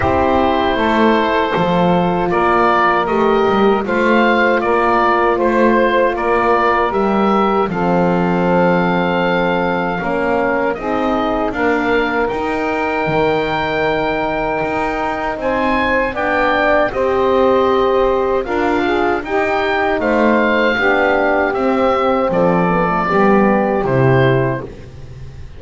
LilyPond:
<<
  \new Staff \with { instrumentName = "oboe" } { \time 4/4 \tempo 4 = 78 c''2. d''4 | dis''4 f''4 d''4 c''4 | d''4 e''4 f''2~ | f''2 dis''4 f''4 |
g''1 | gis''4 g''4 dis''2 | f''4 g''4 f''2 | e''4 d''2 c''4 | }
  \new Staff \with { instrumentName = "saxophone" } { \time 4/4 g'4 a'2 ais'4~ | ais'4 c''4 ais'4 c''4 | ais'2 a'2~ | a'4 ais'4 gis'4 ais'4~ |
ais'1 | c''4 d''4 c''2 | ais'8 gis'8 g'4 c''4 g'4~ | g'4 a'4 g'2 | }
  \new Staff \with { instrumentName = "horn" } { \time 4/4 e'2 f'2 | g'4 f'2.~ | f'4 g'4 c'2~ | c'4 cis'4 dis'4 ais4 |
dis'1~ | dis'4 d'4 g'2 | f'4 dis'2 d'4 | c'4. b16 a16 b4 e'4 | }
  \new Staff \with { instrumentName = "double bass" } { \time 4/4 c'4 a4 f4 ais4 | a8 g8 a4 ais4 a4 | ais4 g4 f2~ | f4 ais4 c'4 d'4 |
dis'4 dis2 dis'4 | c'4 b4 c'2 | d'4 dis'4 a4 b4 | c'4 f4 g4 c4 | }
>>